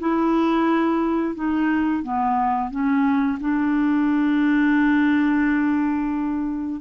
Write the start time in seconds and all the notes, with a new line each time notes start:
0.00 E4
1.35 D#4
2.03 B3
2.71 C#4
3.41 D4